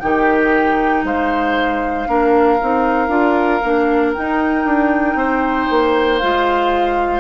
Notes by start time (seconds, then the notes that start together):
0.00 D#3 D#4 G4 G5
1.04 G#3 C5 F5
2.08 A#3 D4 A#4
2.61 C4 D#4
3.09 D4 F4
3.64 A#3 D4
4.13 D#4 G5
4.66 D4
5.16 C4 C5
5.70 A#3
6.19 G#3 F4 F5